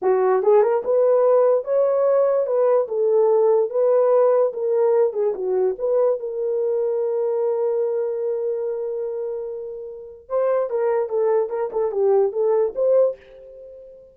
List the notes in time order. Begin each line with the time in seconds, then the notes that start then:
0.01 F#4
0.42 G#4
0.62 A#4
0.84 B4
1.64 C#5
2.46 B4
2.88 A4
3.70 B4
4.53 A#4
5.13 G#4
5.34 F#4
5.78 B4
6.19 A#4
10.28 C5
10.70 A#4
11.09 A4
11.49 A#4
11.72 A4
11.91 G4
12.32 A4
12.75 C5